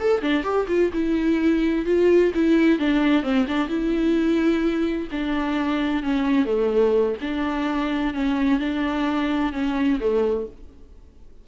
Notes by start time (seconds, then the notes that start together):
0.00 A4
0.22 D4
0.44 G4
0.68 F4
0.93 E4
1.86 F4
2.35 E4
2.79 D4
3.23 C4
3.48 D4
3.68 E4
5.12 D4
6.03 C#4
6.46 A3
7.21 D4
8.14 C#4
8.60 D4
9.53 C#4
10.00 A3